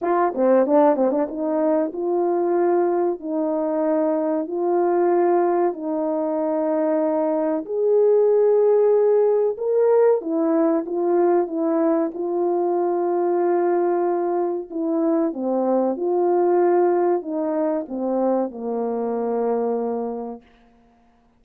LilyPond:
\new Staff \with { instrumentName = "horn" } { \time 4/4 \tempo 4 = 94 f'8 c'8 d'8 c'16 d'16 dis'4 f'4~ | f'4 dis'2 f'4~ | f'4 dis'2. | gis'2. ais'4 |
e'4 f'4 e'4 f'4~ | f'2. e'4 | c'4 f'2 dis'4 | c'4 ais2. | }